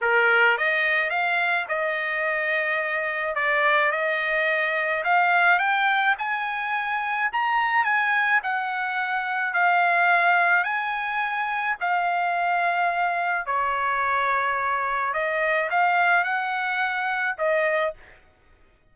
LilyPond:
\new Staff \with { instrumentName = "trumpet" } { \time 4/4 \tempo 4 = 107 ais'4 dis''4 f''4 dis''4~ | dis''2 d''4 dis''4~ | dis''4 f''4 g''4 gis''4~ | gis''4 ais''4 gis''4 fis''4~ |
fis''4 f''2 gis''4~ | gis''4 f''2. | cis''2. dis''4 | f''4 fis''2 dis''4 | }